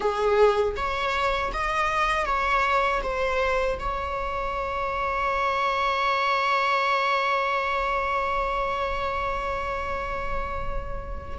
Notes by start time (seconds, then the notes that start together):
0.00 G#4
0.76 C#5
1.53 D#5
2.25 C#5
3.02 C5
3.79 C#5